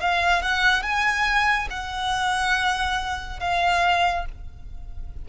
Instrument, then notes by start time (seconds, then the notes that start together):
violin
0.00 F5
0.42 F#5
0.83 G#5
1.70 F#5
3.40 F5